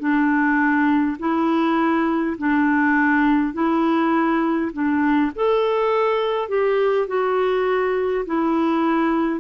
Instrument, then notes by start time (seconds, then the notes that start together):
clarinet
0.00 D4
1.20 E4
2.38 D4
3.54 E4
4.73 D4
5.36 A4
6.49 G4
7.08 F#4
8.26 E4